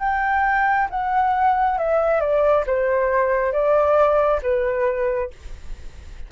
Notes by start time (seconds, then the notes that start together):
0.00 G5
0.90 F#5
1.78 E5
2.21 D5
2.67 C5
3.53 D5
4.42 B4